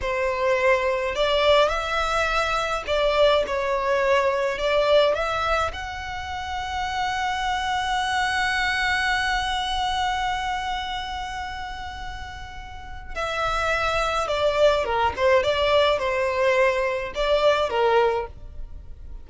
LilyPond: \new Staff \with { instrumentName = "violin" } { \time 4/4 \tempo 4 = 105 c''2 d''4 e''4~ | e''4 d''4 cis''2 | d''4 e''4 fis''2~ | fis''1~ |
fis''1~ | fis''2. e''4~ | e''4 d''4 ais'8 c''8 d''4 | c''2 d''4 ais'4 | }